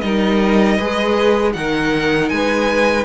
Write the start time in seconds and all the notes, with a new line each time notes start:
0.00 G3 D#4 A#4 D#5
0.76 G#3 G#4 B4
1.52 D#3 D#4 A#4 F#5
2.29 G#3 B4 G#5